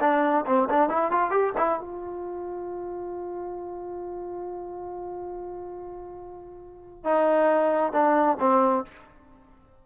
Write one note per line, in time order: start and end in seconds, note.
0.00 0.45 D4
0.46 0.68 C4
0.70 0.89 D4
0.89 1.11 E4
1.11 1.30 F4
1.30 1.53 G4
1.57 1.80 E4
1.80 7.04 F4
7.04 7.92 D#4
7.92 8.37 D4
8.40 8.84 C4